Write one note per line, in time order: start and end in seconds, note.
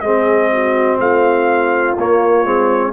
0.00 0.98 G#3
0.00 1.97 C4
0.00 0.51 G#4
0.00 0.97 D#5
0.52 1.00 F#4
0.99 1.96 A3
0.99 2.93 F4
0.99 1.97 F5
1.98 2.44 A#3
1.98 2.93 C#5
2.44 2.93 G#3
2.44 2.93 C4